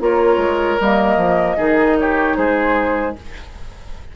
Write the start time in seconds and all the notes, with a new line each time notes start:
0.00 A#3 F4 A#4 C#5
0.37 G#3
0.80 G3 A#3 D#5
1.17 F3
1.57 D#3 D#4 G#4
1.99 G4 C#5
2.37 G#3 G#4 C5